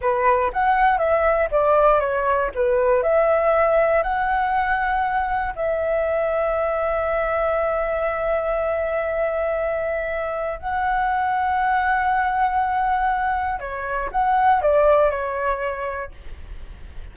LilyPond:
\new Staff \with { instrumentName = "flute" } { \time 4/4 \tempo 4 = 119 b'4 fis''4 e''4 d''4 | cis''4 b'4 e''2 | fis''2. e''4~ | e''1~ |
e''1~ | e''4 fis''2.~ | fis''2. cis''4 | fis''4 d''4 cis''2 | }